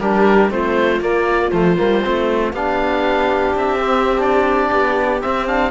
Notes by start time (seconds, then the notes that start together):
0.00 G3 D4 G4 A#4
0.50 A3 C4 F4 C5
1.00 A#3 D5
1.51 F3 A3 C5
1.77 G3 A#3
2.04 A3 C4
2.53 B3 D4 G4 F5
3.55 C4 E5
3.80 C4
4.19 D4 D5
4.72 B3
5.22 C4 E5
5.47 D4 F5